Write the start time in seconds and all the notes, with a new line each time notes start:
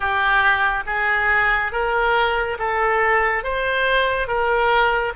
0.00 G4
0.86 G#4
1.71 A#4
2.58 A4
3.43 C5
4.27 A#4